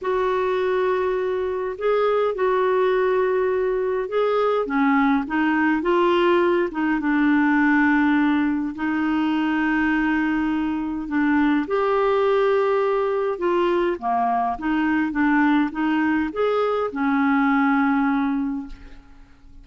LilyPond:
\new Staff \with { instrumentName = "clarinet" } { \time 4/4 \tempo 4 = 103 fis'2. gis'4 | fis'2. gis'4 | cis'4 dis'4 f'4. dis'8 | d'2. dis'4~ |
dis'2. d'4 | g'2. f'4 | ais4 dis'4 d'4 dis'4 | gis'4 cis'2. | }